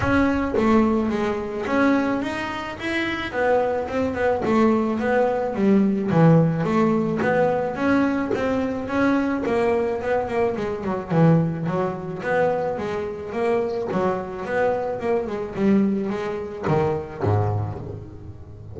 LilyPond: \new Staff \with { instrumentName = "double bass" } { \time 4/4 \tempo 4 = 108 cis'4 a4 gis4 cis'4 | dis'4 e'4 b4 c'8 b8 | a4 b4 g4 e4 | a4 b4 cis'4 c'4 |
cis'4 ais4 b8 ais8 gis8 fis8 | e4 fis4 b4 gis4 | ais4 fis4 b4 ais8 gis8 | g4 gis4 dis4 gis,4 | }